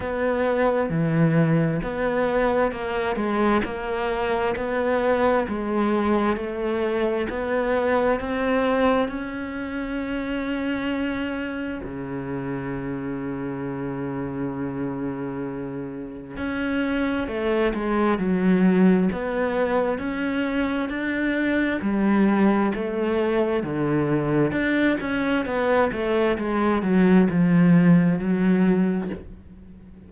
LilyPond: \new Staff \with { instrumentName = "cello" } { \time 4/4 \tempo 4 = 66 b4 e4 b4 ais8 gis8 | ais4 b4 gis4 a4 | b4 c'4 cis'2~ | cis'4 cis2.~ |
cis2 cis'4 a8 gis8 | fis4 b4 cis'4 d'4 | g4 a4 d4 d'8 cis'8 | b8 a8 gis8 fis8 f4 fis4 | }